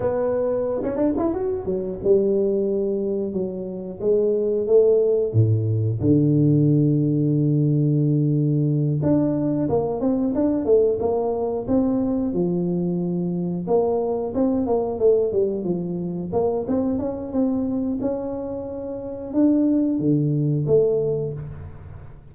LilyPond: \new Staff \with { instrumentName = "tuba" } { \time 4/4 \tempo 4 = 90 b4~ b16 cis'16 d'16 e'16 fis'8 fis8 g4~ | g4 fis4 gis4 a4 | a,4 d2.~ | d4. d'4 ais8 c'8 d'8 |
a8 ais4 c'4 f4.~ | f8 ais4 c'8 ais8 a8 g8 f8~ | f8 ais8 c'8 cis'8 c'4 cis'4~ | cis'4 d'4 d4 a4 | }